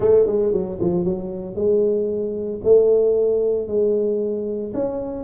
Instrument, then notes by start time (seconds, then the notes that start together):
tuba
0.00 A3
0.26 G#3
0.52 F#3
0.80 F3
1.04 F#3
1.55 G#3
2.64 A3
3.67 G#3
4.74 C#4